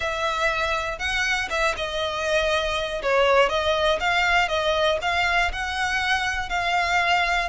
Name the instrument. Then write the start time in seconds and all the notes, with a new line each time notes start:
violin
0.00 E5
0.99 F#5
1.50 E5
1.77 D#5
3.02 C#5
3.49 D#5
4.00 F5
4.48 D#5
5.01 F5
5.52 F#5
6.49 F5